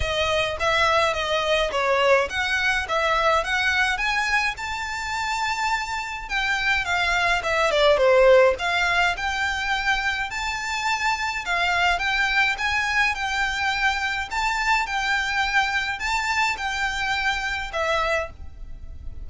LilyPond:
\new Staff \with { instrumentName = "violin" } { \time 4/4 \tempo 4 = 105 dis''4 e''4 dis''4 cis''4 | fis''4 e''4 fis''4 gis''4 | a''2. g''4 | f''4 e''8 d''8 c''4 f''4 |
g''2 a''2 | f''4 g''4 gis''4 g''4~ | g''4 a''4 g''2 | a''4 g''2 e''4 | }